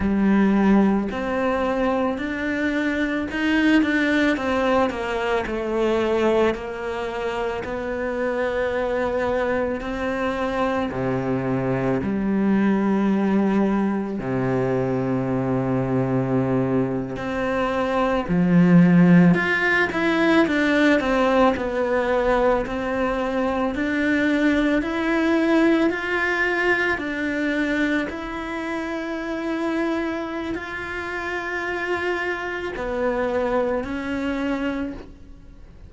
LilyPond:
\new Staff \with { instrumentName = "cello" } { \time 4/4 \tempo 4 = 55 g4 c'4 d'4 dis'8 d'8 | c'8 ais8 a4 ais4 b4~ | b4 c'4 c4 g4~ | g4 c2~ c8. c'16~ |
c'8. f4 f'8 e'8 d'8 c'8 b16~ | b8. c'4 d'4 e'4 f'16~ | f'8. d'4 e'2~ e'16 | f'2 b4 cis'4 | }